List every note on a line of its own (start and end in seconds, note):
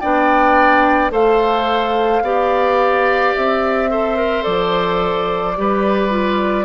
0.00 1.11 B3
0.00 1.11 D4
0.00 1.12 D5
0.00 1.11 G5
1.11 2.22 A3
1.11 2.22 A4
1.11 2.23 C5
1.11 3.34 F5
2.22 3.33 B3
2.22 3.90 G4
2.22 3.91 D5
3.34 4.46 C4
3.34 4.44 E5
3.90 4.16 A4
3.90 5.57 C5
4.16 4.42 A#4
4.42 5.57 F3
4.42 5.53 A4
4.42 6.65 D5
5.56 6.65 G3
5.56 6.10 G4
5.56 6.65 B4
6.10 6.65 F4